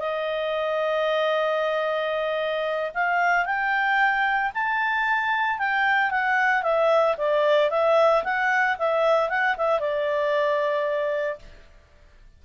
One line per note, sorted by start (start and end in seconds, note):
0.00 2.92 D#5
2.95 3.46 F5
3.46 4.52 G5
4.55 5.59 A5
5.59 6.11 G5
6.11 6.63 F#5
6.63 7.16 E5
7.18 7.71 D5
7.71 8.24 E5
8.24 8.78 F#5
8.79 9.30 E5
9.30 9.56 F#5
9.58 9.80 E5
9.80 11.40 D5